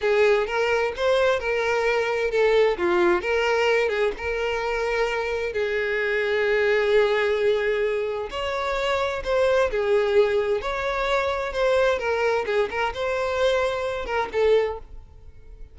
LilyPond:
\new Staff \with { instrumentName = "violin" } { \time 4/4 \tempo 4 = 130 gis'4 ais'4 c''4 ais'4~ | ais'4 a'4 f'4 ais'4~ | ais'8 gis'8 ais'2. | gis'1~ |
gis'2 cis''2 | c''4 gis'2 cis''4~ | cis''4 c''4 ais'4 gis'8 ais'8 | c''2~ c''8 ais'8 a'4 | }